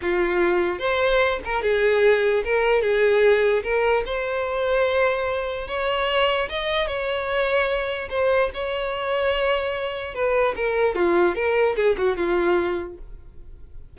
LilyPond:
\new Staff \with { instrumentName = "violin" } { \time 4/4 \tempo 4 = 148 f'2 c''4. ais'8 | gis'2 ais'4 gis'4~ | gis'4 ais'4 c''2~ | c''2 cis''2 |
dis''4 cis''2. | c''4 cis''2.~ | cis''4 b'4 ais'4 f'4 | ais'4 gis'8 fis'8 f'2 | }